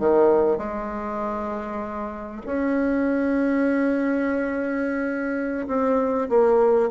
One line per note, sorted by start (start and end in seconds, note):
0.00 0.58 D#3
0.58 2.42 G#3
2.46 5.67 C#4
5.68 6.29 C4
6.29 6.90 A#3